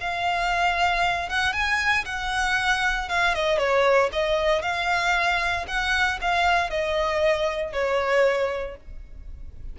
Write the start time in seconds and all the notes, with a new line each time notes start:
0.00 F5
1.29 F#5
1.53 G#5
2.05 F#5
3.09 F5
3.34 D#5
3.58 C#5
4.12 D#5
4.62 F5
5.67 F#5
6.21 F5
6.70 D#5
7.73 C#5